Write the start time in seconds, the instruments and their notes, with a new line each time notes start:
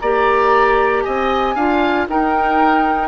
0.00 bassoon A#3, clarinet G4, oboe D5, flute A#5
1.03 bassoon C4, oboe D#5, flute G#5
1.55 bassoon D4, clarinet F4, oboe F5
2.09 bassoon D#4, clarinet D#4, oboe A#4, flute G5